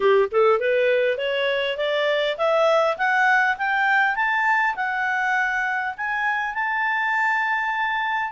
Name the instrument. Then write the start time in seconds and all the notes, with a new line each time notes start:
clarinet
0.00 G4
0.31 A4
0.59 B4
1.17 C#5
1.77 D5
2.37 E5
2.97 F#5
3.57 G5
4.15 A5
4.75 F#5
5.97 G#5
6.54 A5